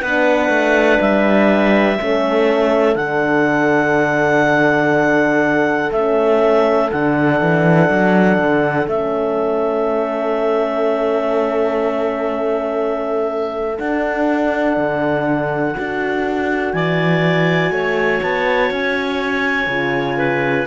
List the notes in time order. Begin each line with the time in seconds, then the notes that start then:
0.00 B3 D4 B4 F#5
0.49 A3
1.00 G3 E5
1.98 A3 C#4 A4
2.95 D3 D4 F#5
5.92 A3 C#4 E5
6.91 D3 D4 F#5
7.41 E3
7.90 F#3
8.38 D3
8.87 A3 C#4 E5
13.78 D4 F#5
14.77 D3
15.77 D4 F#4
16.73 E3 D5 G#5
17.70 A3 C#5
18.22 B3 A5
18.70 C#4 G#5
19.67 C#3 F4
20.18 B4